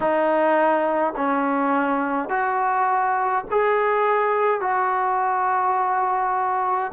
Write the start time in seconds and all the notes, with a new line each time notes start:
0.00 D#4
1.16 C#4
2.29 F#4
3.50 G#4
4.60 F#4